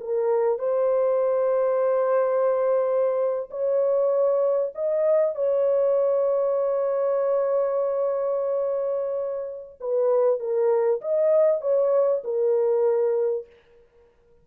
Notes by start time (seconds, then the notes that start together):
0.00 A#4
0.59 C5
3.50 C#5
4.75 D#5
5.35 C#5
9.80 B4
10.40 A#4
11.01 D#5
11.61 C#5
12.24 A#4